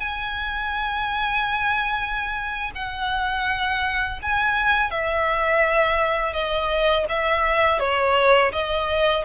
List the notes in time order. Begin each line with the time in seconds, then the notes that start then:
0.00 G#5
2.75 F#5
4.23 G#5
4.91 E5
6.33 D#5
7.09 E5
7.80 C#5
8.53 D#5